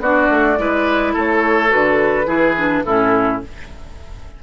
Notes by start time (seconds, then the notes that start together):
0.00 B3 D4 F#4 D5
0.30 A3
0.58 G#3 E4 B4
1.14 A3 A4 C#5
1.68 D3 F#4 B4
2.27 E3 E4 G#4
2.57 D4
2.85 A2 C#4 E4 A4